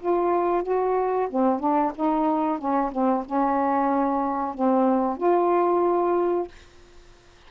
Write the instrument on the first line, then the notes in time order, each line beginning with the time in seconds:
saxophone
0.00 F4
0.63 F#4
1.30 C4
1.60 D4
1.95 D#4
2.58 C#4
2.92 C4
3.26 C#4
4.54 C4
5.17 F4